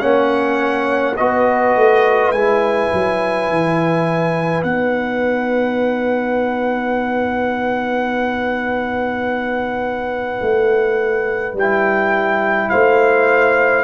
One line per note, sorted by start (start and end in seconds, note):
0.00 1.18 A#3
0.00 1.16 C#4
0.00 1.17 C#5
0.00 1.15 F#5
1.17 1.76 B3
1.17 2.35 F#4
1.17 12.70 B4
1.17 2.32 D#5
1.76 2.31 A3
2.31 2.89 G#3
2.31 4.65 E4
2.31 4.63 G#5
2.93 3.50 F#3
3.50 4.64 E3
4.63 10.41 B3
4.63 11.57 D#4
4.63 11.56 F#5
10.42 11.54 A3
11.54 12.69 G3
11.54 13.84 E4
11.54 12.70 G5
12.70 13.84 A3
12.70 13.84 C5
12.70 13.84 F5